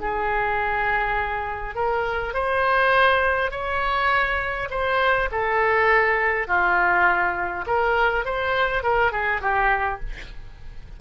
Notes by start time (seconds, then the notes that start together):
0.00 G#4
1.75 A#4
2.34 C5
3.51 C#5
4.70 C5
5.32 A4
6.48 F4
7.67 A#4
8.25 C5
8.83 A#4
9.11 G#4
9.41 G4